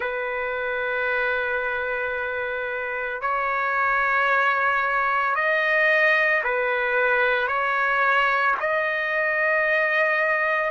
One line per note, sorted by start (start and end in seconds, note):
0.00 3.21 B4
3.21 5.35 C#5
5.35 6.42 D#5
6.43 7.47 B4
7.47 8.54 C#5
8.60 10.70 D#5